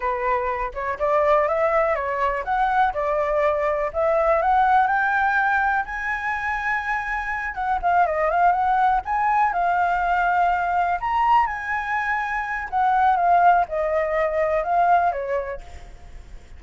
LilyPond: \new Staff \with { instrumentName = "flute" } { \time 4/4 \tempo 4 = 123 b'4. cis''8 d''4 e''4 | cis''4 fis''4 d''2 | e''4 fis''4 g''2 | gis''2.~ gis''8 fis''8 |
f''8 dis''8 f''8 fis''4 gis''4 f''8~ | f''2~ f''8 ais''4 gis''8~ | gis''2 fis''4 f''4 | dis''2 f''4 cis''4 | }